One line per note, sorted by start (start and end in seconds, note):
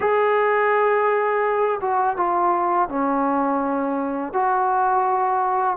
0.00 1.79 G#4
1.81 2.17 F#4
2.17 2.88 F4
2.88 4.33 C#4
4.33 5.76 F#4